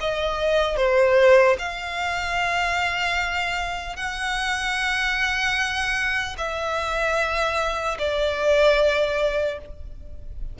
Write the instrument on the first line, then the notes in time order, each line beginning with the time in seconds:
violin
0.00 D#5
0.77 C5
1.59 F5
3.96 F#5
6.37 E5
7.99 D5